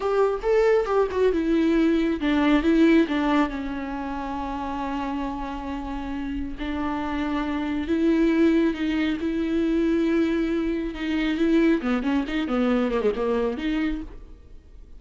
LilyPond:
\new Staff \with { instrumentName = "viola" } { \time 4/4 \tempo 4 = 137 g'4 a'4 g'8 fis'8 e'4~ | e'4 d'4 e'4 d'4 | cis'1~ | cis'2. d'4~ |
d'2 e'2 | dis'4 e'2.~ | e'4 dis'4 e'4 b8 cis'8 | dis'8 b4 ais16 gis16 ais4 dis'4 | }